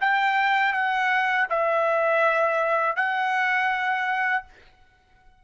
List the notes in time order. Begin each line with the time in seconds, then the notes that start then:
0.00 G5
0.73 F#5
1.49 E5
2.96 F#5